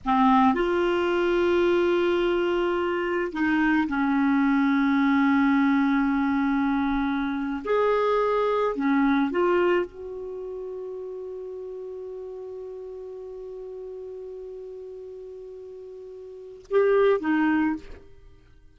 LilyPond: \new Staff \with { instrumentName = "clarinet" } { \time 4/4 \tempo 4 = 108 c'4 f'2.~ | f'2 dis'4 cis'4~ | cis'1~ | cis'4.~ cis'16 gis'2 cis'16~ |
cis'8. f'4 fis'2~ fis'16~ | fis'1~ | fis'1~ | fis'2 g'4 dis'4 | }